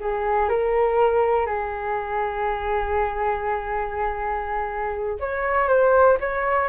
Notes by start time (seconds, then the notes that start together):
0.00 G#4
0.49 A#4
1.46 G#4
5.20 C#5
5.68 C5
6.20 C#5